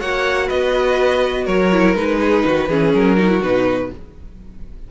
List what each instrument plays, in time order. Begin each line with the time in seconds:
0.00 cello A#3, viola F#4, violin C#5 F#5
0.47 cello B3, violin B4 D#5
1.45 cello F#3, violin A#4 C#5
1.73 viola E4
1.95 cello G#3, viola D#4, violin B4
2.20 violin G#4
2.46 cello D#3, violin F#4
2.69 cello E3, viola C#4, violin G#4
2.94 cello F#3, violin A#4
3.17 viola D#4, violin F#4
3.29 viola E4
3.41 cello B2, viola D#4, violin B4